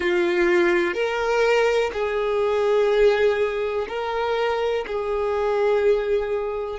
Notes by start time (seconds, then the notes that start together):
0.00 F4
0.94 A#4
1.93 G#4
3.88 A#4
4.86 G#4